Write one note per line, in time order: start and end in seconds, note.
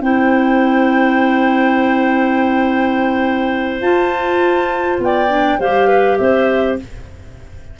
0.00 3.81 C4
0.00 3.83 E4
0.00 5.02 C5
0.00 3.81 G5
3.81 4.98 F4
3.81 5.28 F4
3.81 4.98 A5
4.99 5.58 B3
4.99 5.59 D5
4.99 5.60 G5
5.28 5.57 D4
5.59 6.18 G3
5.59 6.79 G4
5.59 5.87 C5
5.59 6.17 F5
5.87 6.17 B4
6.17 6.79 C4
6.17 6.78 C5
6.17 6.76 E5